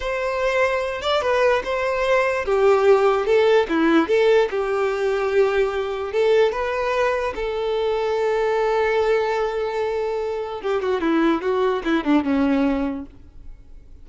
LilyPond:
\new Staff \with { instrumentName = "violin" } { \time 4/4 \tempo 4 = 147 c''2~ c''8 d''8 b'4 | c''2 g'2 | a'4 e'4 a'4 g'4~ | g'2. a'4 |
b'2 a'2~ | a'1~ | a'2 g'8 fis'8 e'4 | fis'4 e'8 d'8 cis'2 | }